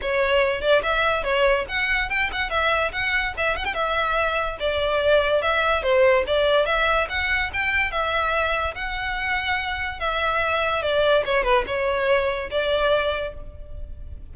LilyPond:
\new Staff \with { instrumentName = "violin" } { \time 4/4 \tempo 4 = 144 cis''4. d''8 e''4 cis''4 | fis''4 g''8 fis''8 e''4 fis''4 | e''8 fis''16 g''16 e''2 d''4~ | d''4 e''4 c''4 d''4 |
e''4 fis''4 g''4 e''4~ | e''4 fis''2. | e''2 d''4 cis''8 b'8 | cis''2 d''2 | }